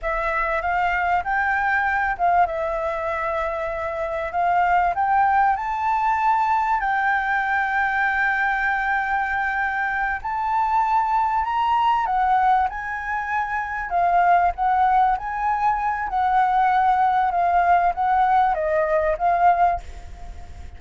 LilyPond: \new Staff \with { instrumentName = "flute" } { \time 4/4 \tempo 4 = 97 e''4 f''4 g''4. f''8 | e''2. f''4 | g''4 a''2 g''4~ | g''1~ |
g''8 a''2 ais''4 fis''8~ | fis''8 gis''2 f''4 fis''8~ | fis''8 gis''4. fis''2 | f''4 fis''4 dis''4 f''4 | }